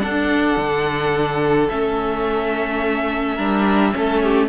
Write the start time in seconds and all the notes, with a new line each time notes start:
0.00 D4 A4 F#5
0.57 D3
1.69 A3 C#4 E5
3.36 G3 D4 A#4
3.93 A3 C#4 A4
4.23 G4